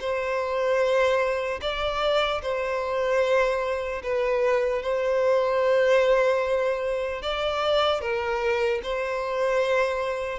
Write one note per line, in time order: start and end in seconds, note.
0.00 1.60 C5
1.61 2.41 D5
2.42 4.02 C5
4.03 4.82 B4
4.82 7.22 C5
7.22 8.01 D5
8.01 8.81 A#4
8.83 10.39 C5